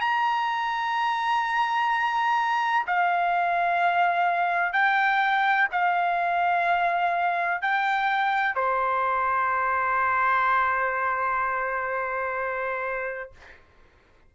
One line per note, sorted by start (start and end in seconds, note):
0.00 2.86 A#5
2.87 4.72 F5
4.72 5.68 G5
5.71 7.61 F5
7.61 8.55 G5
8.55 13.31 C5